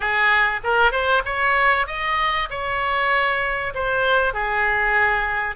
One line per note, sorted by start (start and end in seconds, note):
0.00 0.60 G#4
0.63 0.91 A#4
0.91 1.22 C5
1.25 1.87 C#5
1.87 2.49 D#5
2.50 3.73 C#5
3.74 4.33 C5
4.33 5.55 G#4